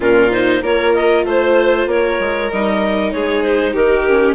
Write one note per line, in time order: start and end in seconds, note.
0.00 0.61 A#2
0.00 0.31 C#4
0.00 0.60 F4
0.00 0.32 A#4
0.31 0.62 D#4
0.31 0.63 C5
0.61 1.24 A#3
0.61 2.49 F4
0.61 1.24 A#4
0.61 0.94 C#5
0.94 1.25 D#5
1.24 1.86 A3
1.24 1.88 C5
1.24 1.89 C5
1.86 2.17 A#3
1.86 3.13 A#4
1.86 2.51 C#5
2.19 2.51 G#3
2.51 3.12 G3
2.51 4.08 D#4
2.51 3.12 D#5
3.12 3.74 G#3
3.12 3.73 G#4
3.12 3.43 C#5
3.43 3.74 C5
3.73 4.34 D#3
3.73 4.34 G4
3.73 4.34 A#4
4.08 4.34 C#4